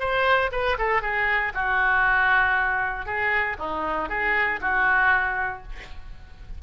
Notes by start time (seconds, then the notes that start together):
0.00 C5
0.52 B4
0.78 A4
1.02 G#4
1.54 F#4
3.06 G#4
3.59 D#4
4.09 G#4
4.61 F#4